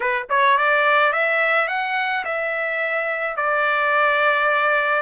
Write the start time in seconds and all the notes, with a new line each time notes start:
0.00 B4
0.29 C#5
0.57 D5
1.12 E5
1.68 F#5
2.24 E5
3.36 D5